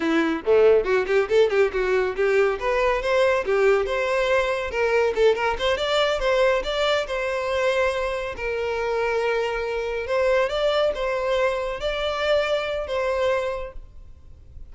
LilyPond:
\new Staff \with { instrumentName = "violin" } { \time 4/4 \tempo 4 = 140 e'4 a4 fis'8 g'8 a'8 g'8 | fis'4 g'4 b'4 c''4 | g'4 c''2 ais'4 | a'8 ais'8 c''8 d''4 c''4 d''8~ |
d''8 c''2. ais'8~ | ais'2.~ ais'8 c''8~ | c''8 d''4 c''2 d''8~ | d''2 c''2 | }